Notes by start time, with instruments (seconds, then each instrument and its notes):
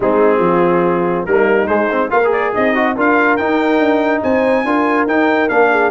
0.00 tuba G#3, trombone C4, horn D#4, trumpet G#4
0.39 tuba F3, horn F4
1.25 tuba G3, trombone A#3, horn D#4, trumpet A#4
1.67 trombone G#3, tuba G#3, trumpet C5
1.91 trombone C4
2.09 tuba A#3, trombone F4, horn A#4, trumpet F5
2.24 trombone G#4
2.32 trumpet D5
2.53 tuba C4, horn D#4, trumpet D#5
2.74 trombone F#4
2.95 tuba D4, trombone F4, horn A#4, trumpet F5
3.36 tuba D#4, trombone D#4, trumpet G5
3.79 tuba D4
4.22 tuba C4, horn C5, trumpet G#5
4.64 tuba D4, trombone F4, horn A#4
5.06 tuba D#4, trombone D#4, trumpet G5
5.48 tuba A#3, trombone D4, trumpet F5
5.71 horn G#4